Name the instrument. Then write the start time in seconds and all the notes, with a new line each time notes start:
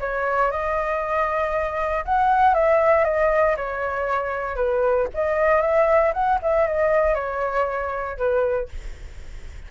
flute
0.00 C#5
0.51 D#5
2.05 F#5
2.54 E5
3.04 D#5
3.56 C#5
4.56 B4
5.14 D#5
5.61 E5
6.13 F#5
6.42 E5
6.67 D#5
7.14 C#5
8.17 B4